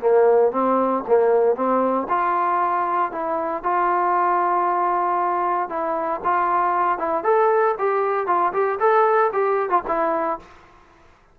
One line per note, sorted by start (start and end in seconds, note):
0.00 0.51 A#3
0.51 1.03 C4
1.07 1.55 A#3
1.55 2.07 C4
2.09 3.11 F4
3.11 3.63 E4
3.63 5.69 F4
5.69 6.21 E4
6.24 6.98 F4
6.98 7.23 E4
7.23 7.75 A4
7.78 8.26 G4
8.26 8.52 F4
8.53 8.79 G4
8.80 9.31 A4
9.32 9.69 G4
9.69 9.82 F4
9.87 10.39 E4